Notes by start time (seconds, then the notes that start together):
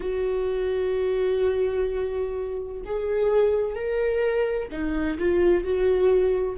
0.00 F#4
2.85 G#4
3.75 A#4
4.71 D#4
5.18 F4
5.64 F#4